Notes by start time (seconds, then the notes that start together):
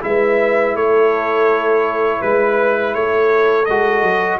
0.00 G#3 E4 B4 E5
0.74 A3 A4 C#5
2.20 G#3 B4
2.94 A3 A4 C#5
3.65 G#3 F#4 D#5
4.02 F#3